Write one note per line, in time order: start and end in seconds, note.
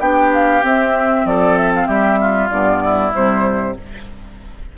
0.00 0.62 B3
0.00 0.62 D4
0.00 1.25 G4
0.00 0.32 G5
0.33 0.65 F5
0.62 2.49 C4
0.62 1.25 C4
0.62 1.26 E5
1.25 1.88 F3
1.25 1.87 A4
1.25 1.57 D5
1.57 1.72 E5
1.75 1.87 F5
1.87 2.50 G3
1.87 2.19 G4
1.87 2.49 E5
2.21 2.83 F4
2.50 3.13 G2
2.50 3.13 B3
2.50 3.13 D5
2.84 3.78 E4
3.13 3.77 C3
3.13 3.75 G3
3.13 3.77 C5